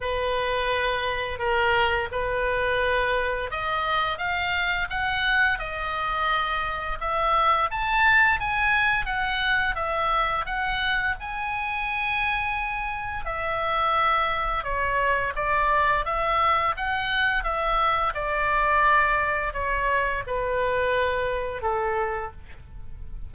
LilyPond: \new Staff \with { instrumentName = "oboe" } { \time 4/4 \tempo 4 = 86 b'2 ais'4 b'4~ | b'4 dis''4 f''4 fis''4 | dis''2 e''4 a''4 | gis''4 fis''4 e''4 fis''4 |
gis''2. e''4~ | e''4 cis''4 d''4 e''4 | fis''4 e''4 d''2 | cis''4 b'2 a'4 | }